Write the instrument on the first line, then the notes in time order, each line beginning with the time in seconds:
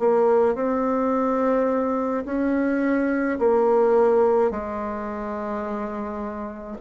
bassoon
0.00 A#3
0.55 C4
2.26 C#4
3.39 A#3
4.51 G#3